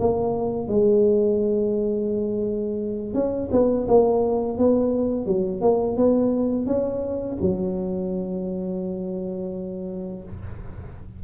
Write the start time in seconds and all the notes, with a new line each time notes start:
0.00 A#3
0.69 G#3
3.14 C#4
3.52 B3
3.88 A#3
4.59 B3
5.26 F#3
5.62 A#3
5.97 B3
6.67 C#4
7.42 F#3